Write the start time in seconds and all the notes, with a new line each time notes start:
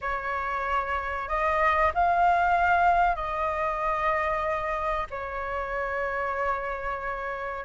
0.01 C#5
1.28 D#5
1.94 F5
3.15 D#5
5.10 C#5